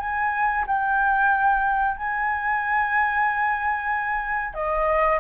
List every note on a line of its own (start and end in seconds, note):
0.00 0.65 G#5
0.67 1.97 G5
1.97 4.54 G#5
4.54 5.20 D#5